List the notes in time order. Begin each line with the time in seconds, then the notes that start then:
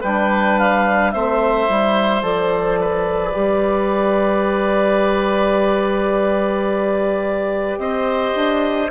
0.00 G3 D4 B4 G5
0.58 F5
1.11 A3 C4 C5 E5
1.68 G3 E4
2.22 F3 A4 D5
2.80 B4
3.31 G3 G4
7.78 C4 C5 D#5
8.34 D4